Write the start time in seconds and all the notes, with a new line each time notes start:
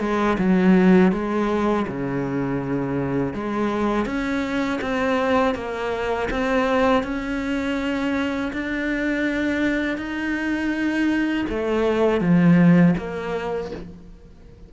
0.00 G#3
0.38 F#3
1.12 G#3
1.88 C#3
3.33 G#3
4.06 C#4
4.81 C4
5.55 A#3
6.30 C4
7.03 C#4
8.53 D4
9.98 D#4
11.49 A3
12.21 F3
12.98 A#3